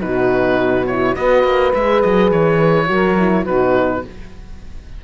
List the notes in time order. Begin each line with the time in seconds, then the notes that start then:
0.00 B2 D#4 F#4 B4
0.87 E4 C#5
1.15 B3 F#4 B4 D#5
1.44 A#3
1.74 G#3 G#4 E5
2.02 F#3 D#5
2.32 E3 C#5
2.87 F#3 F#4 A#4
3.18 E4
3.45 B2 D#4 F#4 B4